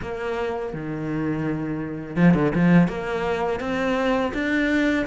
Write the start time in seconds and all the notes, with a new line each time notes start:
0.02 A#3
0.73 D#3
2.16 F3
2.34 D3
2.54 F3
2.88 A#3
3.59 C4
4.33 D4